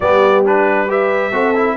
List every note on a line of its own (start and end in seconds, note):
0.00 1.31 G3
0.00 0.45 B3
0.00 0.87 G4
0.00 0.44 D5
0.45 0.87 D4
0.45 0.90 B4
0.87 1.32 G4
0.87 1.32 B4
0.87 1.76 E5
1.31 1.76 C4
1.31 1.54 F#4
1.31 1.76 A4
1.56 1.76 E4